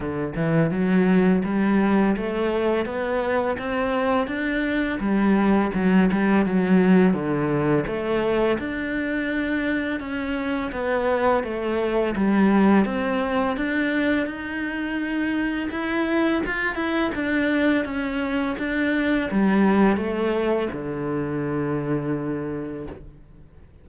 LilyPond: \new Staff \with { instrumentName = "cello" } { \time 4/4 \tempo 4 = 84 d8 e8 fis4 g4 a4 | b4 c'4 d'4 g4 | fis8 g8 fis4 d4 a4 | d'2 cis'4 b4 |
a4 g4 c'4 d'4 | dis'2 e'4 f'8 e'8 | d'4 cis'4 d'4 g4 | a4 d2. | }